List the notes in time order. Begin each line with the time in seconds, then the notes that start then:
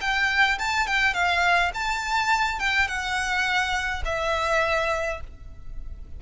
0.00 G5
0.58 A5
0.87 G5
1.14 F5
1.74 A5
2.59 G5
2.87 F#5
4.05 E5